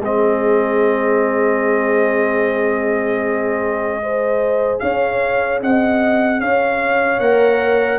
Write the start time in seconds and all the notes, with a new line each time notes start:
0.00 G#3 C4 G#4 D#5
4.01 G#4 C5
4.80 C#4 C#5 F5
5.62 C4 D#5 F#5
6.41 C#4 C#5 F5
7.20 A#3 A#4 F#5